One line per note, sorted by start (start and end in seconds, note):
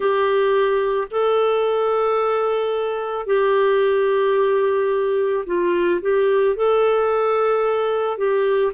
0.00 1.08 G4
1.10 3.26 A4
3.26 5.44 G4
5.45 6.00 F4
6.01 6.56 G4
6.56 8.17 A4
8.17 8.72 G4